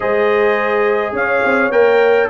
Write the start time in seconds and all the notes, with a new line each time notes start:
0.00 G#3 G#4 C5 D#5
1.12 C#4 C#5 F5
1.44 C4
1.70 A#3 A#4 G5